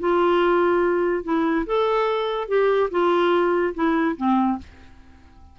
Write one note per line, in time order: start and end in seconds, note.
0.00 1.24 F4
1.24 1.66 E4
1.67 2.48 A4
2.48 2.90 G4
2.91 3.74 F4
3.75 4.16 E4
4.17 4.59 C4